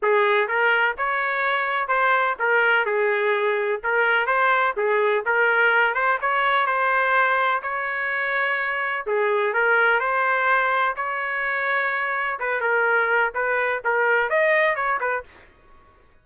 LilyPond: \new Staff \with { instrumentName = "trumpet" } { \time 4/4 \tempo 4 = 126 gis'4 ais'4 cis''2 | c''4 ais'4 gis'2 | ais'4 c''4 gis'4 ais'4~ | ais'8 c''8 cis''4 c''2 |
cis''2. gis'4 | ais'4 c''2 cis''4~ | cis''2 b'8 ais'4. | b'4 ais'4 dis''4 cis''8 b'8 | }